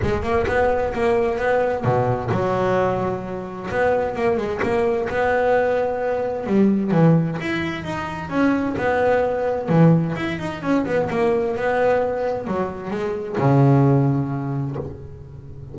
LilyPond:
\new Staff \with { instrumentName = "double bass" } { \time 4/4 \tempo 4 = 130 gis8 ais8 b4 ais4 b4 | b,4 fis2. | b4 ais8 gis8 ais4 b4~ | b2 g4 e4 |
e'4 dis'4 cis'4 b4~ | b4 e4 e'8 dis'8 cis'8 b8 | ais4 b2 fis4 | gis4 cis2. | }